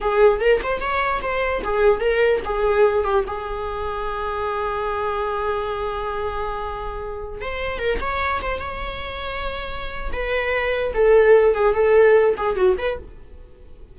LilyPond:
\new Staff \with { instrumentName = "viola" } { \time 4/4 \tempo 4 = 148 gis'4 ais'8 c''8 cis''4 c''4 | gis'4 ais'4 gis'4. g'8 | gis'1~ | gis'1~ |
gis'2~ gis'16 c''4 ais'8 cis''16~ | cis''8. c''8 cis''2~ cis''8.~ | cis''4 b'2 a'4~ | a'8 gis'8 a'4. gis'8 fis'8 b'8 | }